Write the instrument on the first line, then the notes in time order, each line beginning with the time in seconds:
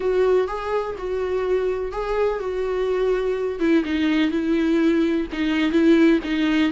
viola
0.00 F#4
0.47 G#4
0.98 F#4
1.92 G#4
2.39 F#4
3.59 E4
3.84 D#4
4.31 E4
5.32 D#4
5.71 E4
6.24 D#4